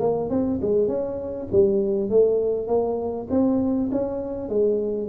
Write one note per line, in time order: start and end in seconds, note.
0.00 0.30 A#3
0.30 0.60 C4
0.62 0.88 G#3
0.88 1.48 C#4
1.52 2.10 G3
2.10 2.68 A3
2.68 3.28 A#3
3.31 3.91 C4
3.92 4.49 C#4
4.49 5.09 G#3